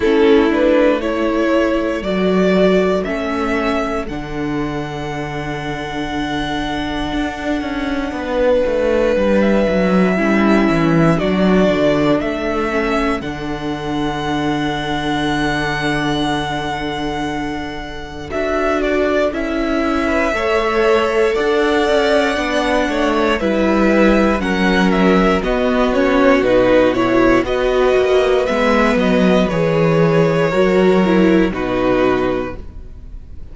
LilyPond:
<<
  \new Staff \with { instrumentName = "violin" } { \time 4/4 \tempo 4 = 59 a'8 b'8 cis''4 d''4 e''4 | fis''1~ | fis''4~ fis''16 e''4.~ e''16 d''4 | e''4 fis''2.~ |
fis''2 e''8 d''8 e''4~ | e''4 fis''2 e''4 | fis''8 e''8 dis''8 cis''8 b'8 cis''8 dis''4 | e''8 dis''8 cis''2 b'4 | }
  \new Staff \with { instrumentName = "violin" } { \time 4/4 e'4 a'2.~ | a'1 | b'2 e'4 fis'4 | a'1~ |
a'2.~ a'8. b'16 | cis''4 d''4. cis''8 b'4 | ais'4 fis'2 b'4~ | b'2 ais'4 fis'4 | }
  \new Staff \with { instrumentName = "viola" } { \time 4/4 cis'8 d'8 e'4 fis'4 cis'4 | d'1~ | d'2 cis'4 d'4~ | d'8 cis'8 d'2.~ |
d'2 fis'4 e'4 | a'2 d'4 e'4 | cis'4 b8 cis'8 dis'8 e'8 fis'4 | b4 gis'4 fis'8 e'8 dis'4 | }
  \new Staff \with { instrumentName = "cello" } { \time 4/4 a2 fis4 a4 | d2. d'8 cis'8 | b8 a8 g8 fis8 g8 e8 fis8 d8 | a4 d2.~ |
d2 d'4 cis'4 | a4 d'8 cis'8 b8 a8 g4 | fis4 b4 b,4 b8 ais8 | gis8 fis8 e4 fis4 b,4 | }
>>